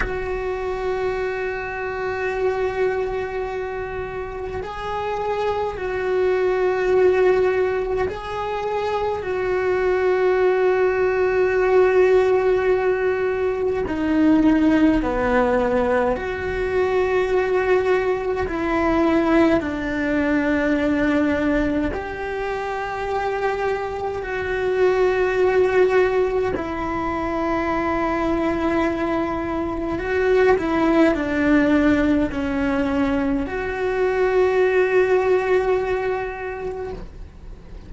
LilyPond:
\new Staff \with { instrumentName = "cello" } { \time 4/4 \tempo 4 = 52 fis'1 | gis'4 fis'2 gis'4 | fis'1 | dis'4 b4 fis'2 |
e'4 d'2 g'4~ | g'4 fis'2 e'4~ | e'2 fis'8 e'8 d'4 | cis'4 fis'2. | }